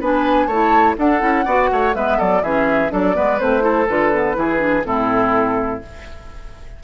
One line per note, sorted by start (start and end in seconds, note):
0.00 0.46 B3
0.00 0.50 D4
0.00 0.47 B4
0.00 0.46 G#5
0.46 0.95 A3
0.46 0.98 E4
0.46 0.95 C#5
0.46 0.95 A5
0.98 1.20 D4
0.98 1.21 D4
0.98 1.45 A4
0.98 1.95 F#5
1.20 1.46 C#4
1.20 1.44 E4
1.45 1.70 B3
1.45 1.94 F#4
1.45 1.69 D5
1.72 1.95 A3
1.72 1.96 C#5
1.94 2.19 G#3
1.94 2.43 B3
1.94 2.18 B4
1.94 2.19 E5
2.18 2.42 F#3
2.18 2.42 A4
2.18 2.43 D5
2.42 2.91 E3
2.42 2.89 C#4
2.42 2.92 G#4
2.42 2.92 E5
2.89 3.17 F#3
2.89 3.14 D4
2.89 3.16 A4
2.89 3.39 D5
3.14 3.41 G#3
3.14 3.38 B3
3.14 3.63 B4
3.39 3.89 A3
3.39 3.61 C4
3.39 3.88 C5
3.61 3.85 E4
3.61 4.36 A4
3.88 4.36 D3
3.88 4.13 F4
3.88 4.85 B4
4.13 4.35 B3
4.35 4.84 E3
4.35 4.59 E4
4.35 4.86 G#4
4.59 4.83 D4
4.85 5.82 A2
4.85 5.82 C4
4.85 5.83 E4
4.85 5.82 A4